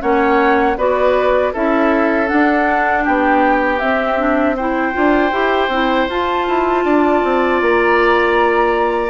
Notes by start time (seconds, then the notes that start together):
0.00 A#3 C#4 C#5 F#5
0.77 B3 F#4 B4 D5
1.54 C#4 E4 A4 E5
2.27 D4 F#5
3.04 B3 G4 G5
3.79 C4 E5
4.18 D4
4.57 E4 C5 G5
4.93 D4 F4
5.32 E4 G4
5.69 C4 E4
6.09 F4 A5
6.48 E4
6.85 D4 D5
7.24 C4
7.62 A#3 A#5